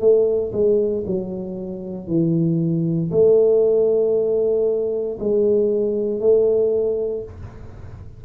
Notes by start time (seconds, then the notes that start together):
0.00 A3
0.52 G#3
1.06 F#3
2.07 E3
3.11 A3
5.20 G#3
6.20 A3